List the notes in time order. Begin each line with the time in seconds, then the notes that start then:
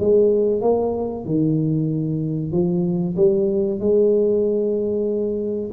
0.00 G#3
0.61 A#3
1.25 D#3
2.52 F3
3.17 G3
3.79 G#3